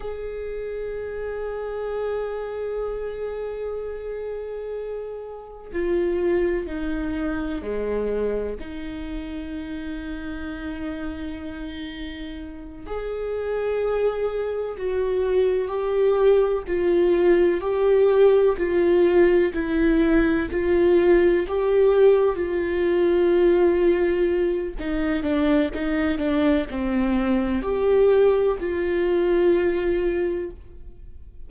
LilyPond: \new Staff \with { instrumentName = "viola" } { \time 4/4 \tempo 4 = 63 gis'1~ | gis'2 f'4 dis'4 | gis4 dis'2.~ | dis'4. gis'2 fis'8~ |
fis'8 g'4 f'4 g'4 f'8~ | f'8 e'4 f'4 g'4 f'8~ | f'2 dis'8 d'8 dis'8 d'8 | c'4 g'4 f'2 | }